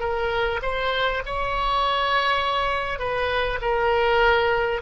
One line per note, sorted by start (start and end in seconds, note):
0.00 0.60 A#4
0.62 1.22 C5
1.26 2.99 C#5
2.99 3.59 B4
3.62 4.82 A#4